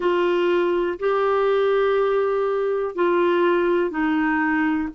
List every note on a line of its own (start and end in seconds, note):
0.00 0.98 F4
0.99 2.95 G4
2.95 3.90 F4
3.90 4.88 D#4